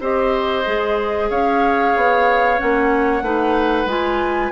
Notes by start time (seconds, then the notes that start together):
0.00 C4 G4 C5 D#5
0.65 G#3 G#4
1.30 C#4 C#5 F5
1.96 B3
2.57 A#3 C#4 F#5
3.22 A3 D#4 B4
3.85 G#3 F4 G#5